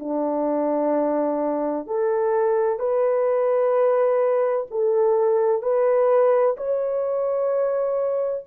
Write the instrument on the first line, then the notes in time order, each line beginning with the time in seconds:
horn
0.00 D4
1.87 A4
2.80 B4
4.71 A4
5.62 B4
6.58 C#5